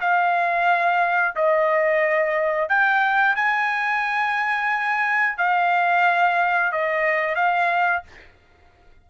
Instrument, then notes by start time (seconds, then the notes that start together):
trumpet
0.00 F5
1.35 D#5
2.69 G5
3.36 G#5
5.37 F5
6.72 D#5
7.35 F5